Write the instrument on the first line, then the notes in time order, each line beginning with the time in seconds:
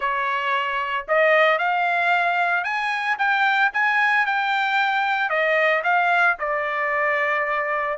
trumpet
0.00 C#5
1.07 D#5
1.58 F5
2.64 G#5
3.18 G5
3.73 G#5
4.26 G5
5.29 D#5
5.83 F5
6.39 D5